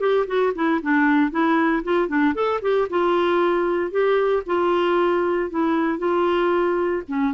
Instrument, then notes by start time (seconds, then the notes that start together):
clarinet
0.00 G4
0.27 F#4
0.55 E4
0.82 D4
1.31 E4
1.84 F4
2.08 D4
2.34 A4
2.62 G4
2.90 F4
3.91 G4
4.46 F4
5.50 E4
5.98 F4
7.08 C#4